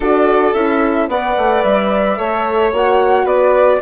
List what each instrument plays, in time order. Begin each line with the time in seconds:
0.00 bassoon D4, horn F#4, violin A4, flute D5
0.53 bassoon C#4, horn E4, flute E5
1.08 bassoon B3, horn B4, violin D5, flute F#5
1.37 bassoon A3
1.62 bassoon G3, flute E5
2.17 bassoon A3, horn A4, violin C#5
2.72 bassoon A#3, horn F#4, flute F#5
3.24 bassoon B3, violin B4, flute D5